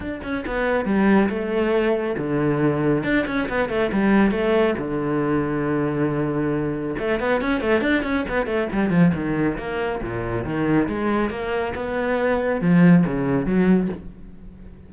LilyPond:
\new Staff \with { instrumentName = "cello" } { \time 4/4 \tempo 4 = 138 d'8 cis'8 b4 g4 a4~ | a4 d2 d'8 cis'8 | b8 a8 g4 a4 d4~ | d1 |
a8 b8 cis'8 a8 d'8 cis'8 b8 a8 | g8 f8 dis4 ais4 ais,4 | dis4 gis4 ais4 b4~ | b4 f4 cis4 fis4 | }